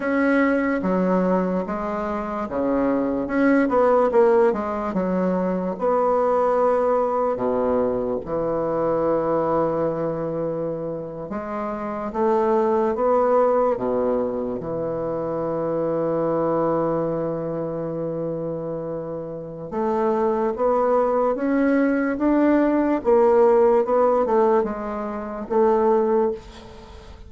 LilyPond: \new Staff \with { instrumentName = "bassoon" } { \time 4/4 \tempo 4 = 73 cis'4 fis4 gis4 cis4 | cis'8 b8 ais8 gis8 fis4 b4~ | b4 b,4 e2~ | e4.~ e16 gis4 a4 b16~ |
b8. b,4 e2~ e16~ | e1 | a4 b4 cis'4 d'4 | ais4 b8 a8 gis4 a4 | }